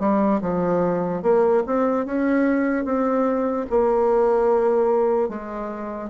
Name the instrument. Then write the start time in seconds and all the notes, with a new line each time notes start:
bassoon
0.00 G3
0.42 F3
1.23 A#3
1.67 C4
2.06 C#4
2.85 C4
3.70 A#3
5.29 G#3